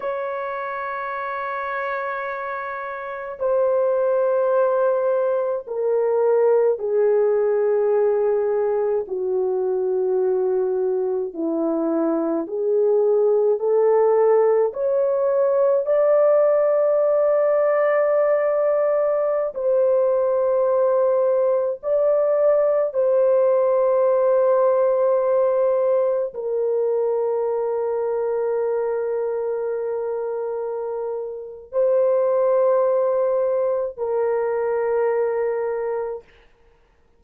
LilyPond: \new Staff \with { instrumentName = "horn" } { \time 4/4 \tempo 4 = 53 cis''2. c''4~ | c''4 ais'4 gis'2 | fis'2 e'4 gis'4 | a'4 cis''4 d''2~ |
d''4~ d''16 c''2 d''8.~ | d''16 c''2. ais'8.~ | ais'1 | c''2 ais'2 | }